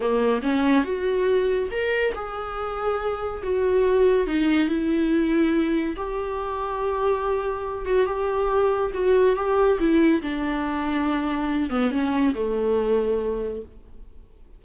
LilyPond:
\new Staff \with { instrumentName = "viola" } { \time 4/4 \tempo 4 = 141 ais4 cis'4 fis'2 | ais'4 gis'2. | fis'2 dis'4 e'4~ | e'2 g'2~ |
g'2~ g'8 fis'8 g'4~ | g'4 fis'4 g'4 e'4 | d'2.~ d'8 b8 | cis'4 a2. | }